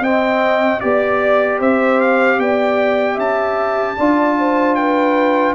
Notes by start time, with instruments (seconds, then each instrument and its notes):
0.00 tuba C4, trombone C4, horn D#5, trumpet G5
0.80 tuba B3, trombone G4, trumpet D5, horn D5
1.59 tuba C4, horn C5, trumpet E5
2.00 trumpet F5
2.38 tuba B3, horn D5, trumpet G5
3.14 tuba C#4, horn E5, trumpet A5
3.96 tuba D4, trombone F4, horn D5
4.38 horn C5
4.75 horn B4, trumpet G5